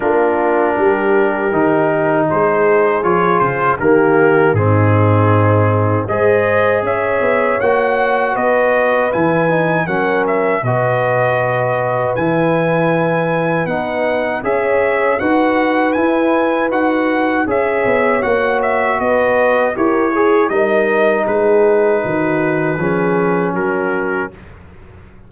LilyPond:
<<
  \new Staff \with { instrumentName = "trumpet" } { \time 4/4 \tempo 4 = 79 ais'2. c''4 | cis''8 c''8 ais'4 gis'2 | dis''4 e''4 fis''4 dis''4 | gis''4 fis''8 e''8 dis''2 |
gis''2 fis''4 e''4 | fis''4 gis''4 fis''4 e''4 | fis''8 e''8 dis''4 cis''4 dis''4 | b'2. ais'4 | }
  \new Staff \with { instrumentName = "horn" } { \time 4/4 f'4 g'2 gis'4~ | gis'4 g'4 dis'2 | c''4 cis''2 b'4~ | b'4 ais'4 b'2~ |
b'2. cis''4 | b'2. cis''4~ | cis''4 b'4 ais'8 gis'8 ais'4 | gis'4 fis'4 gis'4 fis'4 | }
  \new Staff \with { instrumentName = "trombone" } { \time 4/4 d'2 dis'2 | f'4 ais4 c'2 | gis'2 fis'2 | e'8 dis'8 cis'4 fis'2 |
e'2 dis'4 gis'4 | fis'4 e'4 fis'4 gis'4 | fis'2 g'8 gis'8 dis'4~ | dis'2 cis'2 | }
  \new Staff \with { instrumentName = "tuba" } { \time 4/4 ais4 g4 dis4 gis4 | f8 cis8 dis4 gis,2 | gis4 cis'8 b8 ais4 b4 | e4 fis4 b,2 |
e2 b4 cis'4 | dis'4 e'4 dis'4 cis'8 b8 | ais4 b4 e'4 g4 | gis4 dis4 f4 fis4 | }
>>